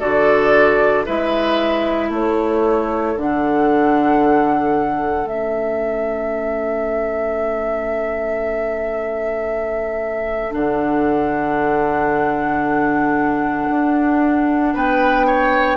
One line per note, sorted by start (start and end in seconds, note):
0.00 1.07 D3
0.00 1.06 F#4
0.00 1.05 A4
0.00 1.06 D5
1.06 2.10 G#3
1.06 3.16 E4
1.06 2.09 B4
1.06 2.12 E5
2.09 3.15 A3
2.09 14.72 A4
2.09 3.18 C#5
3.17 5.24 D3
3.17 5.26 D4
3.17 5.28 F#5
5.24 10.50 A3
5.24 10.51 C#4
5.24 10.54 E5
10.51 13.69 D3
10.51 15.77 D4
10.51 14.75 F#5
13.70 14.75 D4
14.74 15.77 B3
14.74 15.27 B4
14.74 15.77 G5
15.27 15.77 C#5